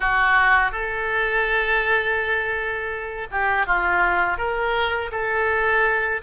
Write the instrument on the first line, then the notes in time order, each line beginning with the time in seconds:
oboe
0.00 F#4
0.71 A4
3.31 G4
3.66 F4
4.37 A#4
5.11 A4